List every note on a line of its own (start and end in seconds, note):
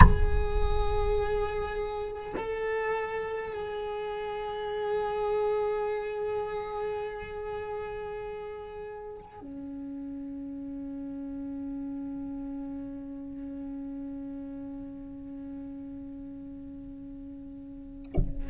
0.00 2.33 G#4
2.36 3.52 A4
3.52 9.41 G#4
9.41 18.49 C#4